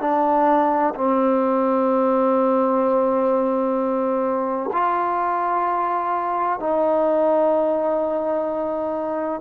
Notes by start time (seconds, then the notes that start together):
0.00 D4
0.95 C4
4.72 F4
6.59 D#4